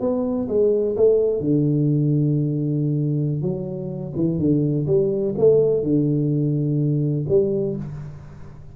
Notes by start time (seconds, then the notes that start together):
0.00 B3
0.48 G#3
0.96 A3
1.40 D3
3.42 F#3
4.15 E3
4.38 D3
4.87 G3
5.38 A3
5.83 D3
7.28 G3